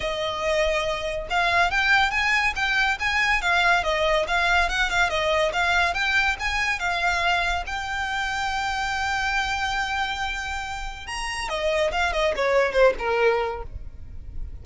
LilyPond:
\new Staff \with { instrumentName = "violin" } { \time 4/4 \tempo 4 = 141 dis''2. f''4 | g''4 gis''4 g''4 gis''4 | f''4 dis''4 f''4 fis''8 f''8 | dis''4 f''4 g''4 gis''4 |
f''2 g''2~ | g''1~ | g''2 ais''4 dis''4 | f''8 dis''8 cis''4 c''8 ais'4. | }